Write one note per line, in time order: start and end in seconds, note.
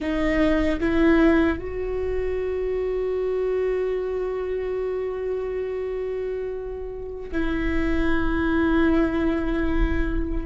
0.00 0.79 D#4
0.79 1.58 E4
1.58 7.30 F#4
7.31 10.46 E4